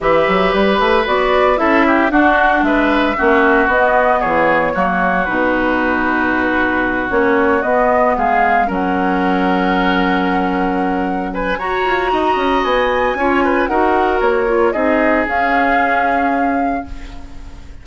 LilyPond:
<<
  \new Staff \with { instrumentName = "flute" } { \time 4/4 \tempo 4 = 114 e''4 b'4 d''4 e''4 | fis''4 e''2 dis''4 | cis''2 b'2~ | b'4. cis''4 dis''4 f''8~ |
f''8 fis''2.~ fis''8~ | fis''4. gis''8 ais''2 | gis''2 fis''4 cis''4 | dis''4 f''2. | }
  \new Staff \with { instrumentName = "oboe" } { \time 4/4 b'2. a'8 g'8 | fis'4 b'4 fis'2 | gis'4 fis'2.~ | fis'2.~ fis'8 gis'8~ |
gis'8 ais'2.~ ais'8~ | ais'4. b'8 cis''4 dis''4~ | dis''4 cis''8 b'8 ais'2 | gis'1 | }
  \new Staff \with { instrumentName = "clarinet" } { \time 4/4 g'2 fis'4 e'4 | d'2 cis'4 b4~ | b4 ais4 dis'2~ | dis'4. cis'4 b4.~ |
b8 cis'2.~ cis'8~ | cis'2 fis'2~ | fis'4 f'4 fis'4. f'8 | dis'4 cis'2. | }
  \new Staff \with { instrumentName = "bassoon" } { \time 4/4 e8 fis8 g8 a8 b4 cis'4 | d'4 gis4 ais4 b4 | e4 fis4 b,2~ | b,4. ais4 b4 gis8~ |
gis8 fis2.~ fis8~ | fis2 fis'8 f'8 dis'8 cis'8 | b4 cis'4 dis'4 ais4 | c'4 cis'2. | }
>>